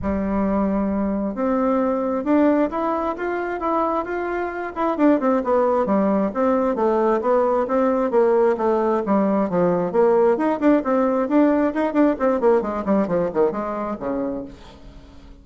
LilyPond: \new Staff \with { instrumentName = "bassoon" } { \time 4/4 \tempo 4 = 133 g2. c'4~ | c'4 d'4 e'4 f'4 | e'4 f'4. e'8 d'8 c'8 | b4 g4 c'4 a4 |
b4 c'4 ais4 a4 | g4 f4 ais4 dis'8 d'8 | c'4 d'4 dis'8 d'8 c'8 ais8 | gis8 g8 f8 dis8 gis4 cis4 | }